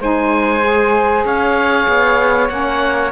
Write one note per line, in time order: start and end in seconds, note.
0.00 1.25 G#3
0.00 0.62 D#4
0.00 1.25 C5
0.00 1.26 G#5
0.62 2.48 G#4
1.25 1.87 C#4
1.25 3.11 C#5
1.25 2.49 F5
1.88 2.49 B3
2.48 3.11 A#3
2.48 3.11 C#4
2.48 3.11 F#5